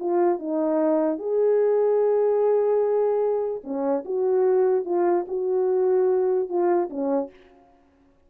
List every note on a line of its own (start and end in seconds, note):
0.00 0.39 F4
0.39 1.19 D#4
1.19 3.62 G#4
3.64 4.04 C#4
4.05 4.85 F#4
4.85 5.26 F4
5.28 6.49 F#4
6.49 6.90 F4
6.90 7.30 C#4